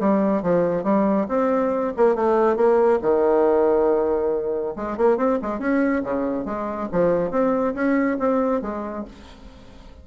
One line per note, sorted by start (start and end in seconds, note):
0.00 0.42 G3
0.42 0.84 F3
0.84 1.27 G3
1.29 1.93 C4
1.97 2.15 A#3
2.15 2.56 A3
2.56 2.99 A#3
3.02 4.75 D#3
4.76 4.97 G#3
4.97 5.17 A#3
5.17 5.39 C4
5.42 5.59 G#3
5.59 6.03 C#4
6.04 6.45 C#3
6.45 6.88 G#3
6.92 7.31 F3
7.31 7.74 C4
7.74 8.18 C#4
8.19 8.62 C4
8.62 9.05 G#3